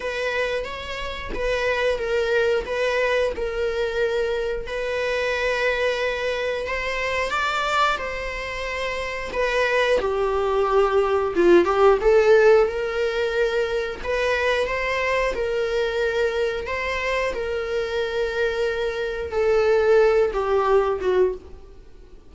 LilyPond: \new Staff \with { instrumentName = "viola" } { \time 4/4 \tempo 4 = 90 b'4 cis''4 b'4 ais'4 | b'4 ais'2 b'4~ | b'2 c''4 d''4 | c''2 b'4 g'4~ |
g'4 f'8 g'8 a'4 ais'4~ | ais'4 b'4 c''4 ais'4~ | ais'4 c''4 ais'2~ | ais'4 a'4. g'4 fis'8 | }